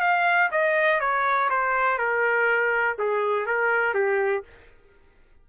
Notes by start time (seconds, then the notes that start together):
0.00 F5
0.51 D#5
1.00 C#5
1.50 C5
1.98 A#4
2.98 G#4
3.46 A#4
3.94 G4